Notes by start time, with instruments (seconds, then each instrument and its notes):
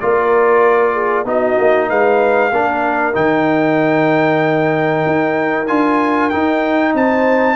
0.00 tuba A#3, trombone F4, horn A#4, trumpet D5
0.94 horn G#4
1.25 tuba B3, trombone D#4, horn F#4, trumpet D#5
1.59 tuba A#3
1.89 tuba G#3, horn B4, trumpet F5
2.52 tuba A#3, trombone D4, horn A#4
3.13 tuba D#3, trombone D#4, trumpet G5
5.06 tuba D#4
5.67 tuba D4, trombone F4, trumpet G#5
6.30 trombone D#4, tuba D#4, trumpet G5
6.94 tuba C4, horn C5, trumpet A5